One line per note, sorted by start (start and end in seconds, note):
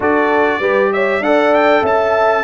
0.00 0.59 D4
0.00 0.61 F#4
0.00 0.60 A4
0.00 0.92 D5
0.59 1.20 G3
0.59 1.23 G4
0.59 0.90 B4
0.92 1.24 C#5
0.92 1.23 E5
1.20 1.81 D4
1.20 2.43 A4
1.20 1.82 D5
1.20 1.53 F#5
1.53 1.84 G5
1.82 2.43 C#4
1.82 2.43 E5
1.82 2.43 A5